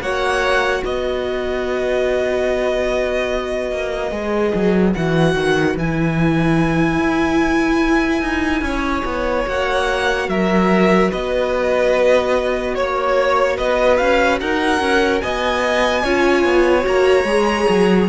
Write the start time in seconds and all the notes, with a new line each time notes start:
0.00 A#3 F#4 C#5 F#5
0.82 B3 B4 D#5
3.71 A#3
4.11 G#3 G#4
4.54 F#3
4.93 E3 F#4 F#5
5.34 D#3
5.76 E3 E4 G#5
6.98 E4
8.21 D#4
8.61 C#4 C#5
9.04 B3
9.45 A#3 F#4 F#5
10.28 F#3 A#4 E5
11.10 B3 B4 D#5
12.74 A#3 C#5
13.57 B3 B4 D#5
13.97 C#4 F5
14.40 D#4 A#4 F#5
14.79 C#4
15.20 B3 D#5 G#5
16.03 C#4 F4 C#5
16.44 B3
16.82 A#3 F#4 A#5
17.24 G#3 G#4
17.68 F#3